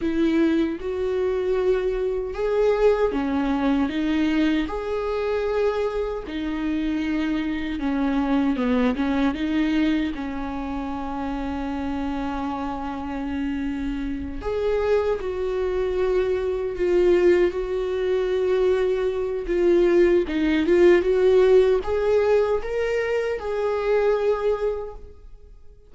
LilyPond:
\new Staff \with { instrumentName = "viola" } { \time 4/4 \tempo 4 = 77 e'4 fis'2 gis'4 | cis'4 dis'4 gis'2 | dis'2 cis'4 b8 cis'8 | dis'4 cis'2.~ |
cis'2~ cis'8 gis'4 fis'8~ | fis'4. f'4 fis'4.~ | fis'4 f'4 dis'8 f'8 fis'4 | gis'4 ais'4 gis'2 | }